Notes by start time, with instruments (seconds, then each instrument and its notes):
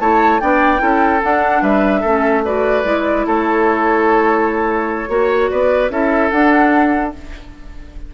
0.00 bassoon A3, clarinet E4, oboe C#5, flute A5
0.40 bassoon B3, clarinet D4, oboe D5, flute G5
0.78 bassoon C#4, clarinet E4, oboe A4
1.23 clarinet D4, bassoon D4, flute F#5
1.62 bassoon G3, oboe B4, flute E5
2.01 bassoon A3, clarinet C#4, oboe A4
2.45 clarinet F#4, oboe B4, flute D5
2.84 bassoon G#3, clarinet E4
3.26 bassoon A3, oboe A4, flute C#5
5.09 bassoon A#3, clarinet F#4, oboe C#5
5.49 bassoon B3, oboe B4, flute D5
5.90 bassoon C#4, clarinet E4, oboe A4, flute E5
6.30 clarinet D4, bassoon D4, flute F#5